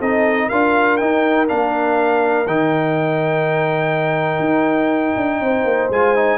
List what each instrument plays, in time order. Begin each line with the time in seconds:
0.00 tuba C4, trombone D#4, horn A4, trumpet D#5
0.48 tuba D4, trombone F4, horn A#4, trumpet F5
0.97 trombone D#4, tuba D#4, trumpet G5
1.48 tuba A#3, trombone D4, trumpet F5
2.47 tuba D#3, trombone D#4, trumpet G5
4.40 tuba D#4
5.17 tuba D4
5.41 tuba C4, horn C5
5.64 tuba A#3
5.90 tuba G#3, trombone F4, trumpet G#5
6.16 trombone D#4